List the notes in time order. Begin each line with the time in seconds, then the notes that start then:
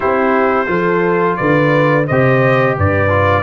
0.00 C4 E4 G4 C5
0.66 F3 F4 A4
1.36 D3 B4 D5
2.06 C3 G4 C5 D#5
2.76 G2 B4 D5
3.09 F4